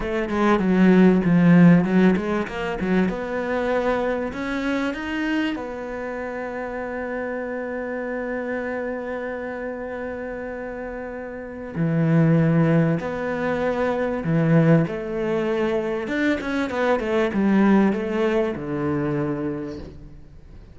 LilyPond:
\new Staff \with { instrumentName = "cello" } { \time 4/4 \tempo 4 = 97 a8 gis8 fis4 f4 fis8 gis8 | ais8 fis8 b2 cis'4 | dis'4 b2.~ | b1~ |
b2. e4~ | e4 b2 e4 | a2 d'8 cis'8 b8 a8 | g4 a4 d2 | }